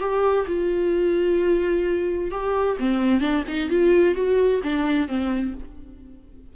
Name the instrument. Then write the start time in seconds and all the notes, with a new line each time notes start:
viola
0.00 G4
0.47 F4
2.31 G4
2.80 C4
3.21 D4
3.48 D#4
3.70 F4
4.15 F#4
4.63 D4
5.08 C4